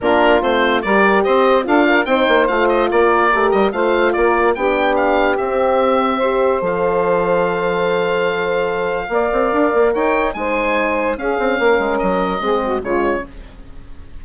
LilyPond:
<<
  \new Staff \with { instrumentName = "oboe" } { \time 4/4 \tempo 4 = 145 ais'4 c''4 d''4 dis''4 | f''4 g''4 f''8 dis''8 d''4~ | d''8 dis''8 f''4 d''4 g''4 | f''4 e''2. |
f''1~ | f''1 | g''4 gis''2 f''4~ | f''4 dis''2 cis''4 | }
  \new Staff \with { instrumentName = "saxophone" } { \time 4/4 f'2 ais'4 c''4 | a'8 ais'8 c''2 ais'4~ | ais'4 c''4 ais'4 g'4~ | g'2. c''4~ |
c''1~ | c''2 d''2 | cis''4 c''2 gis'4 | ais'2 gis'8 fis'8 f'4 | }
  \new Staff \with { instrumentName = "horn" } { \time 4/4 d'4 c'4 g'2 | f'4 dis'4 f'2 | g'4 f'2 d'4~ | d'4 c'2 g'4 |
a'1~ | a'2 ais'2~ | ais'4 dis'2 cis'4~ | cis'2 c'4 gis4 | }
  \new Staff \with { instrumentName = "bassoon" } { \time 4/4 ais4 a4 g4 c'4 | d'4 c'8 ais8 a4 ais4 | a8 g8 a4 ais4 b4~ | b4 c'2. |
f1~ | f2 ais8 c'8 d'8 ais8 | dis'4 gis2 cis'8 c'8 | ais8 gis8 fis4 gis4 cis4 | }
>>